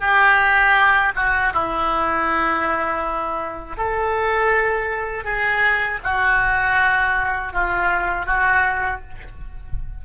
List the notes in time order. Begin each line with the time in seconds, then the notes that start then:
0.00 G4
1.16 F#4
1.54 E4
3.77 A4
5.24 G#4
6.04 F#4
7.53 F4
8.26 F#4